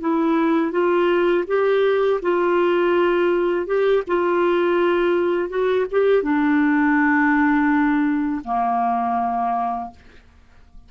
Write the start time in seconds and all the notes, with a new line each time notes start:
0.00 E4
0.71 F4
1.47 G4
2.22 F4
3.66 G4
4.07 F4
5.49 F#4
5.91 G4
6.22 D4
8.44 A#3